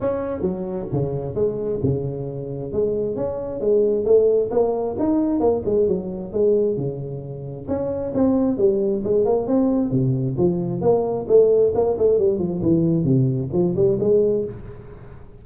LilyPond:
\new Staff \with { instrumentName = "tuba" } { \time 4/4 \tempo 4 = 133 cis'4 fis4 cis4 gis4 | cis2 gis4 cis'4 | gis4 a4 ais4 dis'4 | ais8 gis8 fis4 gis4 cis4~ |
cis4 cis'4 c'4 g4 | gis8 ais8 c'4 c4 f4 | ais4 a4 ais8 a8 g8 f8 | e4 c4 f8 g8 gis4 | }